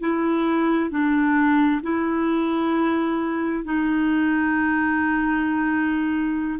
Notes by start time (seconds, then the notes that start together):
0.00 E4
0.90 D4
1.82 E4
3.64 D#4